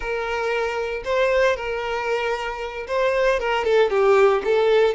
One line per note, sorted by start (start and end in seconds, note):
0.00 1.03 A#4
1.04 1.56 C5
1.56 2.86 A#4
2.87 3.39 C5
3.39 3.64 A#4
3.64 3.90 A4
3.90 4.42 G4
4.44 4.94 A4